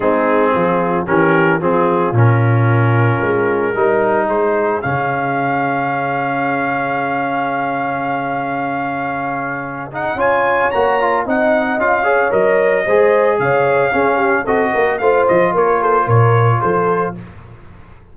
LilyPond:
<<
  \new Staff \with { instrumentName = "trumpet" } { \time 4/4 \tempo 4 = 112 gis'2 ais'4 gis'4 | ais'1 | c''4 f''2.~ | f''1~ |
f''2~ f''8 fis''8 gis''4 | ais''4 fis''4 f''4 dis''4~ | dis''4 f''2 dis''4 | f''8 dis''8 cis''8 c''8 cis''4 c''4 | }
  \new Staff \with { instrumentName = "horn" } { \time 4/4 dis'4 f'4 g'4 f'4~ | f'2. ais'4 | gis'1~ | gis'1~ |
gis'2. cis''4~ | cis''4 dis''4. cis''4. | c''4 cis''4 gis'8 g'8 a'8 ais'8 | c''4 ais'8 a'8 ais'4 a'4 | }
  \new Staff \with { instrumentName = "trombone" } { \time 4/4 c'2 cis'4 c'4 | cis'2. dis'4~ | dis'4 cis'2.~ | cis'1~ |
cis'2~ cis'8 dis'8 f'4 | fis'8 f'8 dis'4 f'8 gis'8 ais'4 | gis'2 cis'4 fis'4 | f'1 | }
  \new Staff \with { instrumentName = "tuba" } { \time 4/4 gis4 f4 e4 f4 | ais,2 gis4 g4 | gis4 cis2.~ | cis1~ |
cis2. cis'4 | ais4 c'4 cis'4 fis4 | gis4 cis4 cis'4 c'8 ais8 | a8 f8 ais4 ais,4 f4 | }
>>